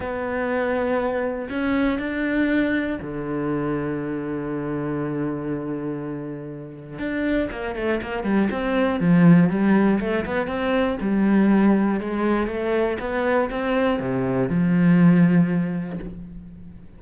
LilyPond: \new Staff \with { instrumentName = "cello" } { \time 4/4 \tempo 4 = 120 b2. cis'4 | d'2 d2~ | d1~ | d2 d'4 ais8 a8 |
ais8 g8 c'4 f4 g4 | a8 b8 c'4 g2 | gis4 a4 b4 c'4 | c4 f2. | }